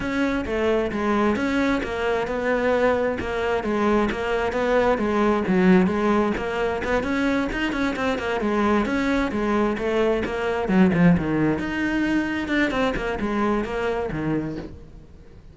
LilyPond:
\new Staff \with { instrumentName = "cello" } { \time 4/4 \tempo 4 = 132 cis'4 a4 gis4 cis'4 | ais4 b2 ais4 | gis4 ais4 b4 gis4 | fis4 gis4 ais4 b8 cis'8~ |
cis'8 dis'8 cis'8 c'8 ais8 gis4 cis'8~ | cis'8 gis4 a4 ais4 fis8 | f8 dis4 dis'2 d'8 | c'8 ais8 gis4 ais4 dis4 | }